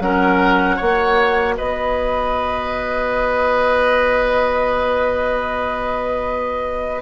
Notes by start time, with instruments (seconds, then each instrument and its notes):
0.00 bassoon F#3, clarinet C#4, oboe A#4, flute F#5
0.77 bassoon A#3, clarinet F#4, oboe C#5
1.57 bassoon B3, oboe B4, flute D#5